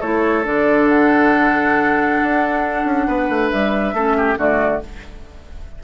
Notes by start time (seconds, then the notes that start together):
0.00 A3 E4 A4 C#5
0.43 D3 D4 D5
0.88 F#5
2.22 D4
2.84 C#4
3.07 B3 B4
3.29 A3
3.50 G3 E5
3.93 A3 C#4 A4
4.17 G4
4.36 D3 A3 F#4 D5